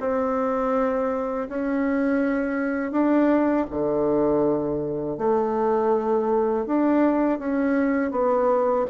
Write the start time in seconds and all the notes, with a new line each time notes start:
0.00 C4
1.49 C#4
2.92 D4
3.71 D3
5.18 A3
6.66 D4
7.39 C#4
8.11 B3